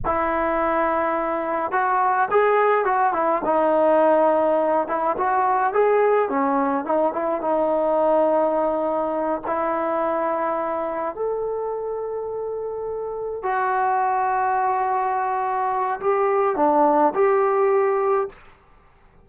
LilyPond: \new Staff \with { instrumentName = "trombone" } { \time 4/4 \tempo 4 = 105 e'2. fis'4 | gis'4 fis'8 e'8 dis'2~ | dis'8 e'8 fis'4 gis'4 cis'4 | dis'8 e'8 dis'2.~ |
dis'8 e'2. a'8~ | a'2.~ a'8 fis'8~ | fis'1 | g'4 d'4 g'2 | }